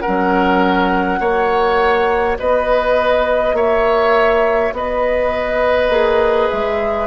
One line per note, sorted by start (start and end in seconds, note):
0.00 1.22 C#4
0.00 1.19 A#4
0.00 2.35 F#5
0.07 1.20 F#3
1.20 2.37 A#3
1.20 5.90 F#4
1.20 2.37 C#5
2.38 3.53 B3
2.38 3.55 B4
2.38 3.55 D#5
3.53 4.70 A#3
3.53 4.73 C#5
3.53 4.73 E5
4.72 5.89 B3
4.72 7.06 B4
4.72 6.49 D#5
5.89 6.48 A#3
5.89 7.06 G#4
6.49 7.06 G#3
6.49 7.06 E5